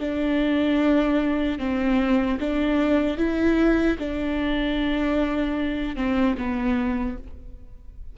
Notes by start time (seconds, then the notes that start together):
0.00 D4
1.59 C4
2.40 D4
3.18 E4
3.99 D4
5.96 C4
6.38 B3